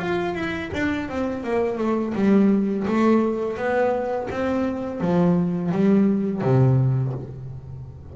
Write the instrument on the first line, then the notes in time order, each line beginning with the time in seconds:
double bass
0.00 F4
0.35 E4
0.74 D4
1.10 C4
1.44 A#3
1.78 A3
2.15 G3
2.88 A3
3.57 B3
4.31 C4
5.01 F3
5.72 G3
6.42 C3